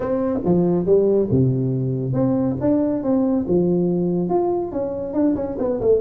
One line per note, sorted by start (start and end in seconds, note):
0.00 0.39 C4
0.44 0.86 F3
0.86 1.29 G3
1.31 2.13 C3
2.13 2.56 C4
2.60 3.03 D4
3.03 3.46 C4
3.47 4.29 F3
4.29 4.72 F4
4.72 5.13 C#4
5.13 5.35 D4
5.35 5.57 C#4
5.59 5.80 B3
5.80 6.01 A3